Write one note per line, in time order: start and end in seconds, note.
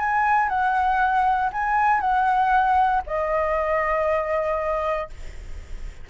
0.00 0.49 G#5
0.49 1.51 F#5
1.53 2.01 G#5
2.01 3.03 F#5
3.07 5.10 D#5